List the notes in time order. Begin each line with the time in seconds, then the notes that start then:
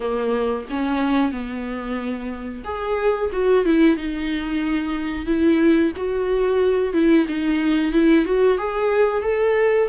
0.00 A#3
0.70 C#4
1.31 B3
2.64 G#4
3.32 F#4
3.65 E4
3.97 D#4
5.26 E4
5.96 F#4
6.93 E4
7.27 D#4
7.92 E4
8.25 F#4
8.57 G#4
9.22 A4